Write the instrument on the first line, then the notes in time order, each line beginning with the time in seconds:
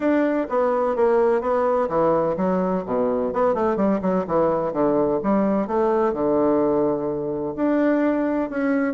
bassoon
0.00 D4
0.49 B3
0.96 A#3
1.41 B3
1.89 E3
2.36 F#3
2.86 B2
3.33 B3
3.54 A3
3.76 G3
4.01 F#3
4.27 E3
4.72 D3
5.23 G3
5.67 A3
6.13 D3
7.56 D4
8.49 C#4